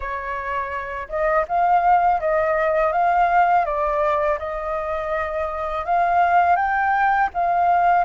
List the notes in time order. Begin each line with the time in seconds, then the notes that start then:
0.00 C#5
1.08 D#5
1.47 F5
2.20 D#5
2.92 F5
3.65 D5
4.39 D#5
5.85 F5
6.56 G5
7.34 F5